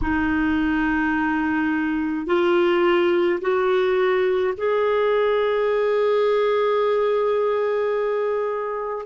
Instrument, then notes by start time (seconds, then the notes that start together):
clarinet
0.01 D#4
2.26 F4
3.40 F#4
4.56 G#4